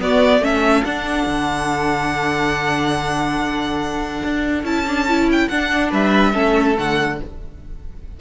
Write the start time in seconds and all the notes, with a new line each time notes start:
0.00 B3 F#4 D5
0.40 A3 C#4 A4 E5
0.84 D4 F#5
1.27 D3
4.23 D4
4.64 C#4 E4 A5
4.87 D4
5.09 E4
5.32 G5
5.49 D4 F#5
5.90 G3 B4 E5
6.33 A3 C#4 A4
6.77 D3 A3 F#5